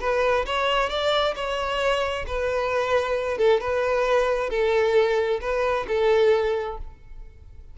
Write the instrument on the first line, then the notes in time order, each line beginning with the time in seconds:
violin
0.00 B4
0.46 C#5
0.89 D5
1.35 C#5
2.27 B4
3.38 A4
3.60 B4
4.50 A4
5.41 B4
5.87 A4